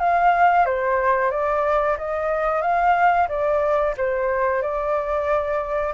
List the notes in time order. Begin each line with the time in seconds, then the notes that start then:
0.00 F5
0.66 C5
1.31 D5
1.98 D#5
2.62 F5
3.29 D5
3.98 C5
4.62 D5